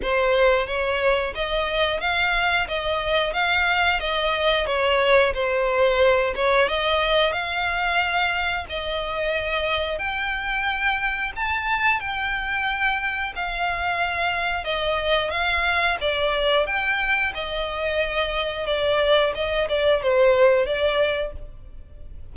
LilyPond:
\new Staff \with { instrumentName = "violin" } { \time 4/4 \tempo 4 = 90 c''4 cis''4 dis''4 f''4 | dis''4 f''4 dis''4 cis''4 | c''4. cis''8 dis''4 f''4~ | f''4 dis''2 g''4~ |
g''4 a''4 g''2 | f''2 dis''4 f''4 | d''4 g''4 dis''2 | d''4 dis''8 d''8 c''4 d''4 | }